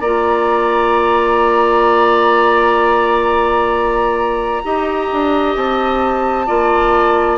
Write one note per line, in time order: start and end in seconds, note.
0.00 4.62 A#3
0.00 4.64 F4
0.00 4.62 D5
0.00 5.54 A#5
4.64 5.11 D#4
4.64 6.47 G4
4.64 6.46 D#5
5.12 5.56 D4
5.56 6.48 C4
5.56 7.38 A5
6.46 7.38 A#3
6.46 7.38 F4
6.46 7.38 D5